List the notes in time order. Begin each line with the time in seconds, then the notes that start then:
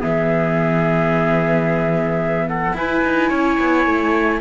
0.00 E3 B3 G#4 E5
2.48 A4 F#5
2.73 E4 B4 G#5
3.05 D#4
3.29 C#4 C#5
3.60 B3
3.86 A3